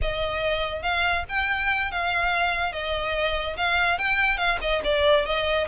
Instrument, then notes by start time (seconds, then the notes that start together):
violin
0.01 D#5
0.82 F5
1.28 G5
1.91 F5
2.72 D#5
3.56 F5
3.98 G5
4.37 F5
4.61 D#5
4.84 D5
5.25 D#5